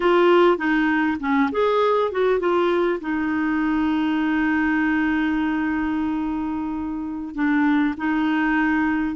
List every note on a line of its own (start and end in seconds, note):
0.00 0.57 F4
0.57 1.17 D#4
1.20 1.50 C#4
1.51 2.11 G#4
2.11 2.39 F#4
2.39 2.99 F4
3.00 7.34 D#4
7.34 7.94 D4
7.97 9.15 D#4